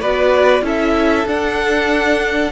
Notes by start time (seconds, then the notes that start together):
0.00 B3 F#4 B4 D5
0.62 C#4 E4 A4 E5
1.25 D4 F#5